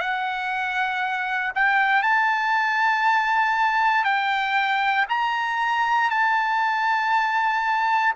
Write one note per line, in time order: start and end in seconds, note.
0.00 1.53 F#5
1.55 2.03 G5
2.03 4.04 A5
4.04 5.06 G5
5.09 6.10 A#5
6.10 8.14 A5